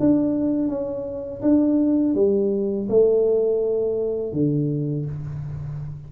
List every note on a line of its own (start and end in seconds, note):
0.00 0.68 D4
0.68 1.41 C#4
1.42 2.15 D4
2.15 2.88 G3
2.89 4.33 A3
4.33 5.06 D3